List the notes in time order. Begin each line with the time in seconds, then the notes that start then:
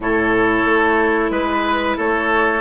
0.00 A2 E4 A4 C#5
0.65 A3
1.30 G#3 B4
1.97 A3 A4 C#5